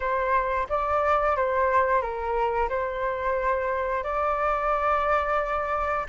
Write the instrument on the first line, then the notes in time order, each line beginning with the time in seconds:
flute
0.00 C5
0.69 D5
1.36 C5
2.01 A#4
2.69 C5
4.03 D5